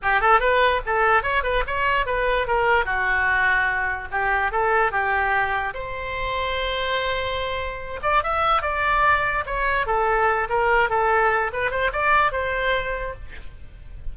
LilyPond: \new Staff \with { instrumentName = "oboe" } { \time 4/4 \tempo 4 = 146 g'8 a'8 b'4 a'4 cis''8 b'8 | cis''4 b'4 ais'4 fis'4~ | fis'2 g'4 a'4 | g'2 c''2~ |
c''2.~ c''8 d''8 | e''4 d''2 cis''4 | a'4. ais'4 a'4. | b'8 c''8 d''4 c''2 | }